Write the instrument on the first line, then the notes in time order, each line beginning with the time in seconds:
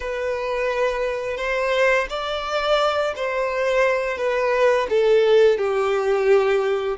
violin
0.00 B4
1.37 C5
2.09 D5
3.16 C5
4.17 B4
4.89 A4
5.58 G4